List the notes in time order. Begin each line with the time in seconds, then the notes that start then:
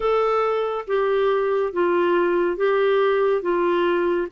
0.00 A4
0.86 G4
1.72 F4
2.56 G4
3.42 F4